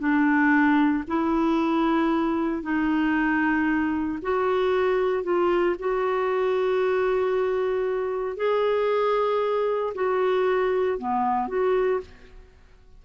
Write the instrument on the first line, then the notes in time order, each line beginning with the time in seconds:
clarinet
0.00 D4
1.08 E4
2.63 D#4
4.23 F#4
5.24 F4
5.79 F#4
8.37 G#4
9.95 F#4
10.98 B3
11.48 F#4